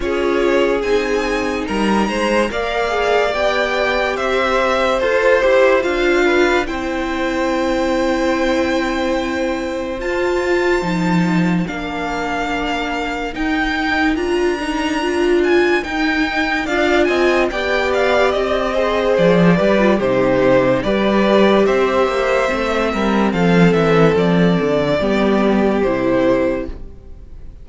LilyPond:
<<
  \new Staff \with { instrumentName = "violin" } { \time 4/4 \tempo 4 = 72 cis''4 gis''4 ais''4 f''4 | g''4 e''4 c''4 f''4 | g''1 | a''2 f''2 |
g''4 ais''4. gis''8 g''4 | f''8 gis''8 g''8 f''8 dis''4 d''4 | c''4 d''4 e''2 | f''8 e''8 d''2 c''4 | }
  \new Staff \with { instrumentName = "violin" } { \time 4/4 gis'2 ais'8 c''8 d''4~ | d''4 c''2~ c''8 b'8 | c''1~ | c''2 ais'2~ |
ais'1 | d''8 dis''8 d''4. c''4 b'8 | g'4 b'4 c''4. ais'8 | a'2 g'2 | }
  \new Staff \with { instrumentName = "viola" } { \time 4/4 f'4 dis'2 ais'8 gis'8 | g'2 a'8 g'8 f'4 | e'1 | f'4 dis'4 d'2 |
dis'4 f'8 dis'8 f'4 dis'4 | f'4 g'4. gis'4 g'16 f'16 | dis'4 g'2 c'4~ | c'2 b4 e'4 | }
  \new Staff \with { instrumentName = "cello" } { \time 4/4 cis'4 c'4 g8 gis8 ais4 | b4 c'4 f'8 e'8 d'4 | c'1 | f'4 f4 ais2 |
dis'4 d'2 dis'4 | d'8 c'8 b4 c'4 f8 g8 | c4 g4 c'8 ais8 a8 g8 | f8 e8 f8 d8 g4 c4 | }
>>